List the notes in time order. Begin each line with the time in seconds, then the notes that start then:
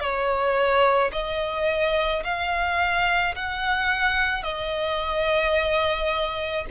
0.00 C#5
1.12 D#5
2.24 F5
3.35 F#5
4.43 D#5